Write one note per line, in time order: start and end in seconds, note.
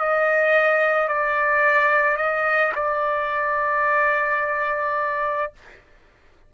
0.00 1.08 D#5
1.08 2.17 D5
2.17 2.73 D#5
2.75 5.53 D5